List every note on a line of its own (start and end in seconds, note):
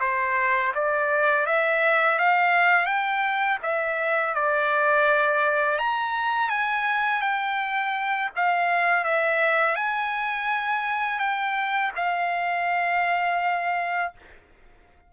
0.00 0.72 C5
0.74 1.46 D5
1.46 2.18 E5
2.18 2.86 F5
2.86 3.58 G5
3.62 4.34 E5
4.34 5.78 D5
5.78 6.49 A#5
6.49 7.21 G#5
7.21 8.30 G5
8.35 9.04 F5
9.04 9.75 E5
9.75 11.19 G#5
11.19 11.91 G5
11.95 14.12 F5